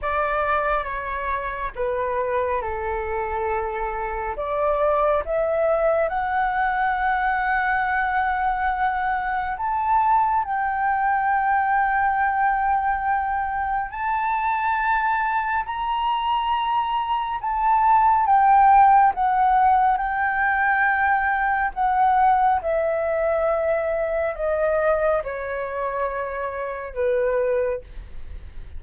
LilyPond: \new Staff \with { instrumentName = "flute" } { \time 4/4 \tempo 4 = 69 d''4 cis''4 b'4 a'4~ | a'4 d''4 e''4 fis''4~ | fis''2. a''4 | g''1 |
a''2 ais''2 | a''4 g''4 fis''4 g''4~ | g''4 fis''4 e''2 | dis''4 cis''2 b'4 | }